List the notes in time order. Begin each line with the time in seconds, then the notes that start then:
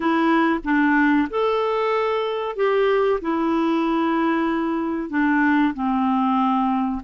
0.00 E4
0.64 D4
1.29 A4
2.56 G4
3.21 E4
5.09 D4
5.74 C4